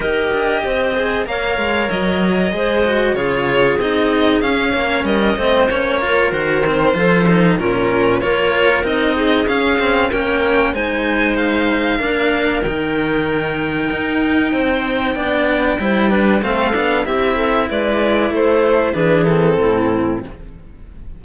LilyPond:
<<
  \new Staff \with { instrumentName = "violin" } { \time 4/4 \tempo 4 = 95 dis''2 f''4 dis''4~ | dis''4 cis''4 dis''4 f''4 | dis''4 cis''4 c''2 | ais'4 cis''4 dis''4 f''4 |
g''4 gis''4 f''2 | g''1~ | g''2 f''4 e''4 | d''4 c''4 b'8 a'4. | }
  \new Staff \with { instrumentName = "clarinet" } { \time 4/4 ais'4 c''4 cis''2 | c''4 gis'2~ gis'8 cis''8 | ais'8 c''4 ais'4. a'4 | f'4 ais'4. gis'4. |
ais'4 c''2 ais'4~ | ais'2. c''4 | d''4 c''8 b'8 a'4 g'8 a'8 | b'4 a'4 gis'4 e'4 | }
  \new Staff \with { instrumentName = "cello" } { \time 4/4 g'4. gis'8 ais'2 | gis'8 fis'8 f'4 dis'4 cis'4~ | cis'8 c'8 cis'8 f'8 fis'8 c'8 f'8 dis'8 | cis'4 f'4 dis'4 cis'8 c'8 |
cis'4 dis'2 d'4 | dis'1 | d'4 e'8 d'8 c'8 d'8 e'4~ | e'2 d'8 c'4. | }
  \new Staff \with { instrumentName = "cello" } { \time 4/4 dis'8 d'8 c'4 ais8 gis8 fis4 | gis4 cis4 c'4 cis'8 ais8 | g8 a8 ais4 dis4 f4 | ais,4 ais4 c'4 cis'4 |
ais4 gis2 ais4 | dis2 dis'4 c'4 | b4 g4 a8 b8 c'4 | gis4 a4 e4 a,4 | }
>>